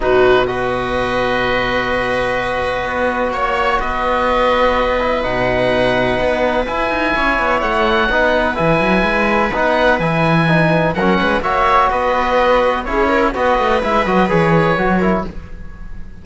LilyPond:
<<
  \new Staff \with { instrumentName = "oboe" } { \time 4/4 \tempo 4 = 126 b'4 dis''2.~ | dis''2. cis''4 | dis''2. fis''4~ | fis''2 gis''2 |
fis''2 gis''2 | fis''4 gis''2 fis''4 | e''4 dis''2 cis''4 | dis''4 e''8 dis''8 cis''2 | }
  \new Staff \with { instrumentName = "viola" } { \time 4/4 fis'4 b'2.~ | b'2. cis''4 | b'1~ | b'2. cis''4~ |
cis''4 b'2.~ | b'2. ais'8 b'8 | cis''4 b'2 gis'8 ais'8 | b'2.~ b'8 ais'8 | }
  \new Staff \with { instrumentName = "trombone" } { \time 4/4 dis'4 fis'2.~ | fis'1~ | fis'2~ fis'8 e'8 dis'4~ | dis'2 e'2~ |
e'4 dis'4 e'2 | dis'4 e'4 dis'4 cis'4 | fis'2. e'4 | fis'4 e'8 fis'8 gis'4 fis'8 e'8 | }
  \new Staff \with { instrumentName = "cello" } { \time 4/4 b,1~ | b,2 b4 ais4 | b2. b,4~ | b,4 b4 e'8 dis'8 cis'8 b8 |
a4 b4 e8 fis8 gis4 | b4 e2 fis8 gis8 | ais4 b2 cis'4 | b8 a8 gis8 fis8 e4 fis4 | }
>>